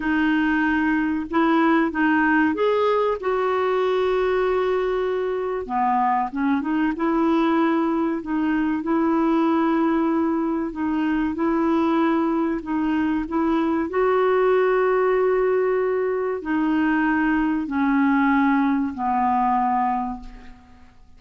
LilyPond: \new Staff \with { instrumentName = "clarinet" } { \time 4/4 \tempo 4 = 95 dis'2 e'4 dis'4 | gis'4 fis'2.~ | fis'4 b4 cis'8 dis'8 e'4~ | e'4 dis'4 e'2~ |
e'4 dis'4 e'2 | dis'4 e'4 fis'2~ | fis'2 dis'2 | cis'2 b2 | }